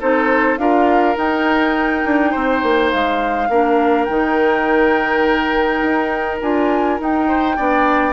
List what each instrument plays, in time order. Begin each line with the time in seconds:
0.00 bassoon C4, clarinet D#4, oboe A4, flute C5
0.58 bassoon D4, clarinet F4, oboe A#4, flute F5
1.15 clarinet D#4, bassoon D#4, flute G5
2.05 bassoon D4
2.31 bassoon C4, oboe C5
2.63 bassoon A#3
2.92 bassoon G#3, flute F5
3.49 bassoon A#3, clarinet D4, oboe A#4
4.04 bassoon D#3, clarinet D#4, flute G5
5.82 bassoon D#4
6.42 bassoon D4, clarinet F4, flute G#5
7.00 clarinet D#4, bassoon D#4, flute G5
7.28 oboe C5
7.57 bassoon B3, clarinet D4, oboe D5